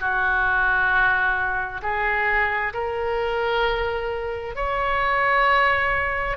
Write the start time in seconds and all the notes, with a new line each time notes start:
0.00 F#4
1.83 G#4
2.74 A#4
4.56 C#5